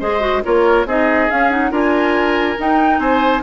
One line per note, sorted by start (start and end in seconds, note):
0.00 0.44 G#3
0.00 0.20 G#4
0.00 0.43 C5
0.00 0.43 D#5
0.20 0.42 F#4
0.44 0.86 A#3
0.44 0.86 F4
0.44 0.87 A#4
0.44 0.87 C#5
0.86 1.29 C4
0.86 1.30 D#4
0.86 1.71 G#4
0.86 1.31 D#5
1.30 1.51 C#4
1.30 1.71 C#4
1.30 1.51 F5
1.51 1.71 D#4
1.51 1.72 F#5
1.71 2.57 D4
1.71 2.57 F4
1.71 3.00 A#4
1.71 2.59 G#5
2.57 3.43 D#4
2.57 2.99 D#4
2.57 2.99 G5
2.99 3.42 C4
2.99 3.43 C5
2.99 3.42 G#5